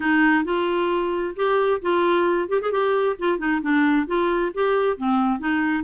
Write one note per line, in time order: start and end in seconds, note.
0.00 0.44 D#4
0.44 1.34 F4
1.36 1.81 G4
1.81 2.49 F4
2.49 2.60 G4
2.61 2.71 G#4
2.71 3.16 G4
3.18 3.38 F4
3.38 3.61 D#4
3.61 4.06 D4
4.07 4.52 F4
4.53 4.97 G4
4.97 5.39 C4
5.39 5.84 D#4